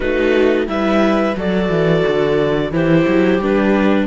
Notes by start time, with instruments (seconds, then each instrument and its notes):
0.00 cello A3, viola D#4 F#4, clarinet B4
0.66 cello G3, viola E4 B4, clarinet E5
1.36 cello F#3, viola F#4 A4, clarinet D5
1.69 cello E3
2.07 cello D3
2.71 cello E3, viola E4 G4, clarinet C5
3.07 cello F#3
3.39 cello G3, viola D4, clarinet B4